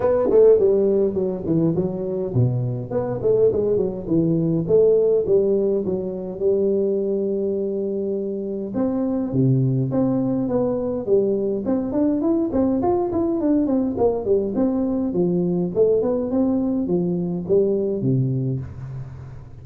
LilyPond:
\new Staff \with { instrumentName = "tuba" } { \time 4/4 \tempo 4 = 103 b8 a8 g4 fis8 e8 fis4 | b,4 b8 a8 gis8 fis8 e4 | a4 g4 fis4 g4~ | g2. c'4 |
c4 c'4 b4 g4 | c'8 d'8 e'8 c'8 f'8 e'8 d'8 c'8 | ais8 g8 c'4 f4 a8 b8 | c'4 f4 g4 c4 | }